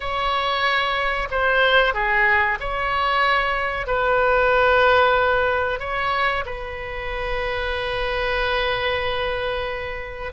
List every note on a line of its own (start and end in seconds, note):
0.00 1.28 C#5
1.30 1.94 C5
1.94 2.58 G#4
2.60 3.87 C#5
3.87 5.79 B4
5.79 6.44 C#5
6.45 10.32 B4